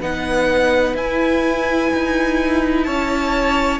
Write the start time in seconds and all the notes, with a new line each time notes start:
0.00 B3 D#4 B4 F#5
0.94 E4 G#5
1.93 D#4
2.83 C#4 C#5 A5